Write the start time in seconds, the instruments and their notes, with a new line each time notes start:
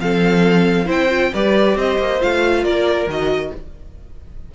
0.00 cello F3, viola C4, violin A4 F5
0.86 cello C4, viola E4, violin C5 G5
1.10 viola F4
1.33 cello G3, viola G4, violin B4 D5
1.76 cello C4, violin C5 D#5
1.99 cello A#3
2.20 cello A3, viola F4, violin F5
2.63 cello A#3, violin A#4 D5
3.07 cello D#3, viola F#4, violin D#5